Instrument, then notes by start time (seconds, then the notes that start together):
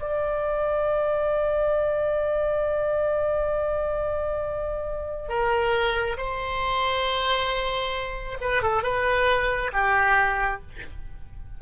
oboe
0.00 D5
5.28 A#4
6.17 C5
8.41 B4
8.62 A4
8.83 B4
9.73 G4